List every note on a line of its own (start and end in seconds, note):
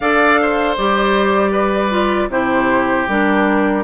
0.00 0.77 D4
0.00 0.78 A4
0.00 0.39 D5
0.00 0.76 F5
0.41 1.51 C5
0.76 2.29 G3
0.76 1.90 G4
0.76 2.30 D5
1.51 2.28 B4
1.90 2.29 F4
2.29 3.05 C3
2.29 3.07 E4
2.29 3.84 G4
2.29 3.08 C5
3.08 3.84 G3
3.08 3.84 D4
3.08 3.84 A#4